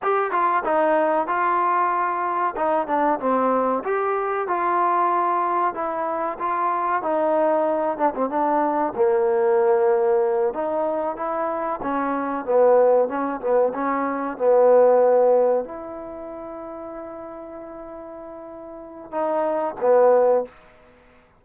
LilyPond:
\new Staff \with { instrumentName = "trombone" } { \time 4/4 \tempo 4 = 94 g'8 f'8 dis'4 f'2 | dis'8 d'8 c'4 g'4 f'4~ | f'4 e'4 f'4 dis'4~ | dis'8 d'16 c'16 d'4 ais2~ |
ais8 dis'4 e'4 cis'4 b8~ | b8 cis'8 b8 cis'4 b4.~ | b8 e'2.~ e'8~ | e'2 dis'4 b4 | }